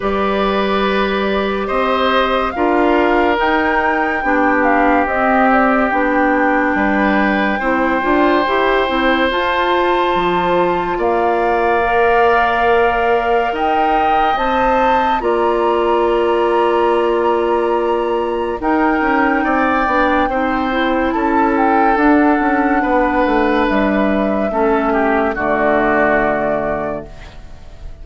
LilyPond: <<
  \new Staff \with { instrumentName = "flute" } { \time 4/4 \tempo 4 = 71 d''2 dis''4 f''4 | g''4. f''8 dis''8 d''8 g''4~ | g''2. a''4~ | a''4 f''2. |
g''4 a''4 ais''2~ | ais''2 g''2~ | g''4 a''8 g''8 fis''2 | e''2 d''2 | }
  \new Staff \with { instrumentName = "oboe" } { \time 4/4 b'2 c''4 ais'4~ | ais'4 g'2. | b'4 c''2.~ | c''4 d''2. |
dis''2 d''2~ | d''2 ais'4 d''4 | c''4 a'2 b'4~ | b'4 a'8 g'8 fis'2 | }
  \new Staff \with { instrumentName = "clarinet" } { \time 4/4 g'2. f'4 | dis'4 d'4 c'4 d'4~ | d'4 e'8 f'8 g'8 e'8 f'4~ | f'2 ais'2~ |
ais'4 c''4 f'2~ | f'2 dis'4. d'8 | dis'8 e'4. d'2~ | d'4 cis'4 a2 | }
  \new Staff \with { instrumentName = "bassoon" } { \time 4/4 g2 c'4 d'4 | dis'4 b4 c'4 b4 | g4 c'8 d'8 e'8 c'8 f'4 | f4 ais2. |
dis'4 c'4 ais2~ | ais2 dis'8 cis'8 c'8 b8 | c'4 cis'4 d'8 cis'8 b8 a8 | g4 a4 d2 | }
>>